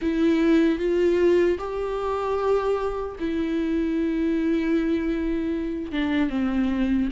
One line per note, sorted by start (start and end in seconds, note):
0.01 0.79 E4
0.79 1.58 F4
1.58 3.16 G4
3.19 5.92 E4
5.92 6.29 D4
6.29 7.08 C4